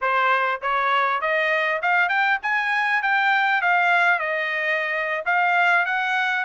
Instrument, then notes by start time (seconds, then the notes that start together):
trumpet
0.01 C5
0.61 C#5
1.21 D#5
1.81 F5
2.08 G5
2.42 G#5
3.02 G5
3.61 F5
4.19 D#5
5.25 F5
5.85 F#5